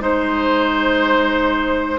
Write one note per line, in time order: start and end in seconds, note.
0.00 1.99 G#3
0.00 1.99 D#4
0.00 1.99 C5